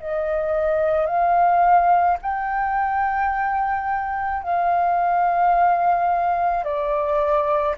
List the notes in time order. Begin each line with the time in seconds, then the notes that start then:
0.00 D#5
1.06 F5
2.22 G5
4.43 F5
6.64 D5